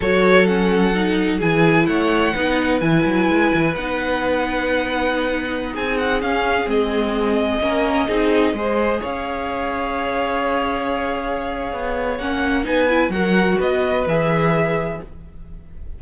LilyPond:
<<
  \new Staff \with { instrumentName = "violin" } { \time 4/4 \tempo 4 = 128 cis''4 fis''2 gis''4 | fis''2 gis''2 | fis''1~ | fis''16 gis''8 fis''8 f''4 dis''4.~ dis''16~ |
dis''2.~ dis''16 f''8.~ | f''1~ | f''2 fis''4 gis''4 | fis''4 dis''4 e''2 | }
  \new Staff \with { instrumentName = "violin" } { \time 4/4 a'2. gis'4 | cis''4 b'2.~ | b'1~ | b'16 gis'2.~ gis'8.~ |
gis'16 ais'4 gis'4 c''4 cis''8.~ | cis''1~ | cis''2. b'4 | ais'4 b'2. | }
  \new Staff \with { instrumentName = "viola" } { \time 4/4 fis'4 cis'4 dis'4 e'4~ | e'4 dis'4 e'2 | dis'1~ | dis'4~ dis'16 cis'4 c'4.~ c'16~ |
c'16 cis'4 dis'4 gis'4.~ gis'16~ | gis'1~ | gis'2 cis'4 dis'8 e'8 | fis'2 gis'2 | }
  \new Staff \with { instrumentName = "cello" } { \time 4/4 fis2. e4 | a4 b4 e8 fis8 gis8 e8 | b1~ | b16 c'4 cis'4 gis4.~ gis16~ |
gis16 ais4 c'4 gis4 cis'8.~ | cis'1~ | cis'4 b4 ais4 b4 | fis4 b4 e2 | }
>>